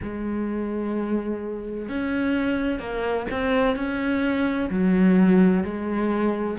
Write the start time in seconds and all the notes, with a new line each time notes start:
0.02 G#3
1.88 C#4
2.79 A#3
3.30 C4
3.75 C#4
4.70 F#3
5.63 G#3